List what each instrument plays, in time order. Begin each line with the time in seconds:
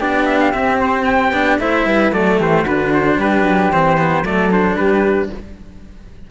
0.00 cello B3 D4, flute G4, trumpet D5
0.26 trumpet E5
0.41 trumpet F5
0.52 cello C4, trumpet E5
0.81 trumpet C5
1.05 trumpet G5
1.31 cello B3 D4
1.60 cello A3 E4, flute C5, trumpet E5
1.86 cello G3, flute B4
2.12 cello F#3 A3, flute A4, trumpet D5
2.39 cello E3, flute G4, trumpet C5
2.63 cello D3 D4, flute F#4, trumpet B4
2.94 trumpet C5
3.17 cello G3, flute G4, trumpet B4
3.43 cello F#3
3.73 cello E3 C4, trumpet C5
3.98 cello B3
4.23 cello F#3 A3, flute A4, trumpet D5
4.51 cello D4, trumpet C5
4.77 cello G3, flute G4, trumpet B4